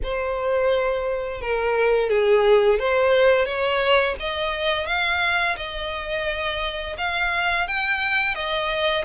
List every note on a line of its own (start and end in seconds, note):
0.03 1.41 C5
1.41 2.09 A#4
2.09 2.79 G#4
2.79 3.45 C5
3.45 4.15 C#5
4.19 4.86 D#5
4.86 5.56 F5
5.57 6.96 D#5
6.97 7.67 F5
7.67 8.35 G5
8.35 9.04 D#5